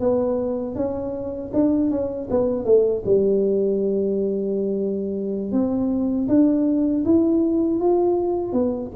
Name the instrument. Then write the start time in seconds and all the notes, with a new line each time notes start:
tuba
0.00 B3
0.76 C#4
1.54 D4
1.91 C#4
2.30 B3
2.65 A3
3.06 G3
5.52 C4
6.29 D4
7.05 E4
7.80 F4
8.53 B3